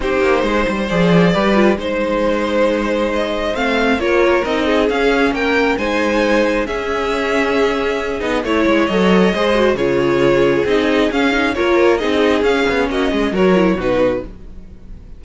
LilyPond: <<
  \new Staff \with { instrumentName = "violin" } { \time 4/4 \tempo 4 = 135 c''2 d''2 | c''2. dis''4 | f''4 cis''4 dis''4 f''4 | g''4 gis''2 e''4~ |
e''2~ e''8 dis''8 cis''4 | dis''2 cis''2 | dis''4 f''4 cis''4 dis''4 | f''4 dis''4 cis''4 b'4 | }
  \new Staff \with { instrumentName = "violin" } { \time 4/4 g'4 c''2 b'4 | c''1~ | c''4 ais'4. gis'4. | ais'4 c''2 gis'4~ |
gis'2. cis''4~ | cis''4 c''4 gis'2~ | gis'2 ais'4 gis'4~ | gis'4 fis'8 gis'8 ais'4 fis'4 | }
  \new Staff \with { instrumentName = "viola" } { \time 4/4 dis'2 gis'4 g'8 f'8 | dis'1 | c'4 f'4 dis'4 cis'4~ | cis'4 dis'2 cis'4~ |
cis'2~ cis'8 dis'8 e'4 | a'4 gis'8 fis'8 f'2 | dis'4 cis'8 dis'8 f'4 dis'4 | cis'2 fis'8 e'8 dis'4 | }
  \new Staff \with { instrumentName = "cello" } { \time 4/4 c'8 ais8 gis8 g8 f4 g4 | gis1 | a4 ais4 c'4 cis'4 | ais4 gis2 cis'4~ |
cis'2~ cis'8 b8 a8 gis8 | fis4 gis4 cis2 | c'4 cis'4 ais4 c'4 | cis'8 b8 ais8 gis8 fis4 b,4 | }
>>